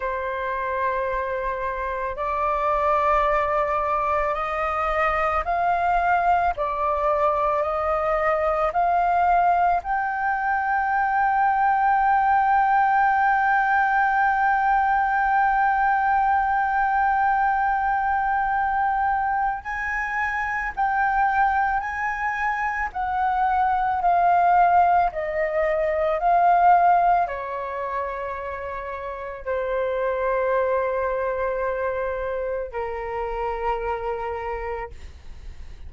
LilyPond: \new Staff \with { instrumentName = "flute" } { \time 4/4 \tempo 4 = 55 c''2 d''2 | dis''4 f''4 d''4 dis''4 | f''4 g''2.~ | g''1~ |
g''2 gis''4 g''4 | gis''4 fis''4 f''4 dis''4 | f''4 cis''2 c''4~ | c''2 ais'2 | }